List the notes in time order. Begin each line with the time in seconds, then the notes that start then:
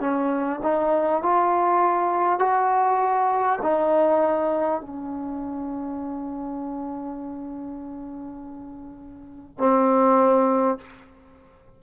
0.00 C#4
0.63 D#4
1.23 F4
2.39 F#4
3.62 D#4
4.81 C#4
9.58 C4